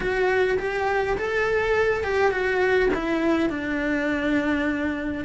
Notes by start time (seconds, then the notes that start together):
0.00 F#4
0.58 G4
1.17 A4
2.03 G4
2.31 F#4
2.94 E4
3.49 D4